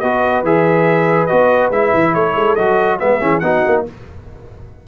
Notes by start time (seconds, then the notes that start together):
0.00 B3 F#4 B4 D#5
0.44 E3 G#4 E5
1.26 B3 F#4 D#5
1.70 G#3 E4 E5
1.94 E3
2.14 A3 A4 C#5
2.35 G#3
2.56 F#3 F#4 D#5
3.00 G#3 B3 G#4 E5
3.21 E3 C#4
3.40 B3 D#4 F#4 F#5
3.66 A#3